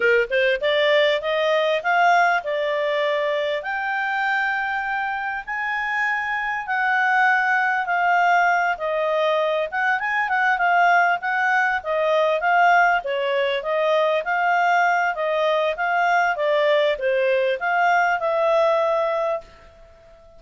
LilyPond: \new Staff \with { instrumentName = "clarinet" } { \time 4/4 \tempo 4 = 99 ais'8 c''8 d''4 dis''4 f''4 | d''2 g''2~ | g''4 gis''2 fis''4~ | fis''4 f''4. dis''4. |
fis''8 gis''8 fis''8 f''4 fis''4 dis''8~ | dis''8 f''4 cis''4 dis''4 f''8~ | f''4 dis''4 f''4 d''4 | c''4 f''4 e''2 | }